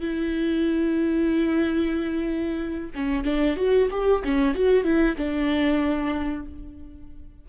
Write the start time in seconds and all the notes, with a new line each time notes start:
0.00 E4
2.95 C#4
3.24 D4
3.56 F#4
3.90 G4
4.24 C#4
4.54 F#4
4.84 E4
5.16 D4